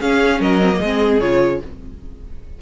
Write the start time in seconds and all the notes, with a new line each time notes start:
0.00 C#4 G#4 F5
0.39 F#3 A#4 D#5
0.61 C4
0.72 A#3
0.79 G#3 C4 G#4
1.19 C#3 F4 C#5